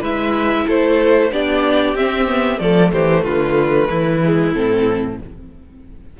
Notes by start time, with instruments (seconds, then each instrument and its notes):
0.00 cello G#3, viola E4, violin B4 E5
0.67 cello A3, violin A4 C5
1.31 cello B3, viola D4, violin G4 D5
1.95 cello C4, viola C4, violin E5
2.27 viola B3
2.58 cello F3, viola A3, violin A4 D5
2.92 cello E3, violin G4 C5
3.23 cello D3, violin F4 B4
3.89 cello E3, violin E4
4.24 viola G#3
4.52 cello A2, viola C4, violin A4